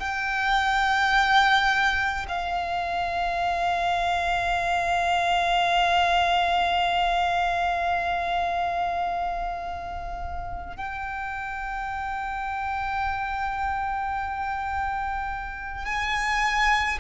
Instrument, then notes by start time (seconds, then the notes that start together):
violin
0.00 G5
2.28 F5
10.77 G5
15.85 G#5